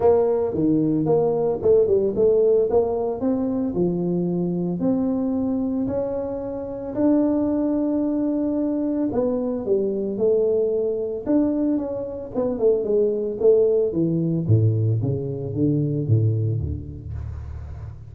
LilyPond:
\new Staff \with { instrumentName = "tuba" } { \time 4/4 \tempo 4 = 112 ais4 dis4 ais4 a8 g8 | a4 ais4 c'4 f4~ | f4 c'2 cis'4~ | cis'4 d'2.~ |
d'4 b4 g4 a4~ | a4 d'4 cis'4 b8 a8 | gis4 a4 e4 a,4 | cis4 d4 a,4 d,4 | }